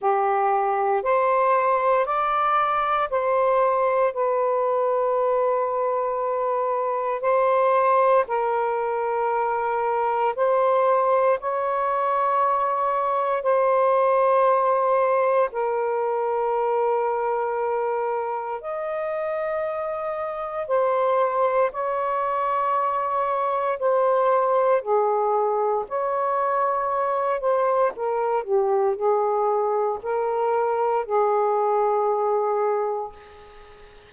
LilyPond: \new Staff \with { instrumentName = "saxophone" } { \time 4/4 \tempo 4 = 58 g'4 c''4 d''4 c''4 | b'2. c''4 | ais'2 c''4 cis''4~ | cis''4 c''2 ais'4~ |
ais'2 dis''2 | c''4 cis''2 c''4 | gis'4 cis''4. c''8 ais'8 g'8 | gis'4 ais'4 gis'2 | }